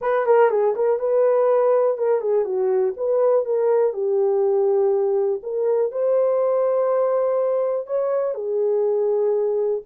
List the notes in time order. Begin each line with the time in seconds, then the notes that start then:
0.01 B4
0.25 A#4
0.50 G#4
0.75 A#4
0.99 B4
1.97 A#4
2.20 G#4
2.45 F#4
2.96 B4
3.45 A#4
3.93 G4
5.42 A#4
5.92 C5
7.86 C#5
8.34 G#4